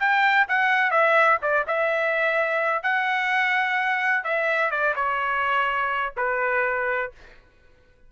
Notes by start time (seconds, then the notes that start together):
0.00 G5
0.49 F#5
0.91 E5
1.43 D5
1.68 E5
2.83 F#5
4.25 E5
4.71 D5
4.96 C#5
6.17 B4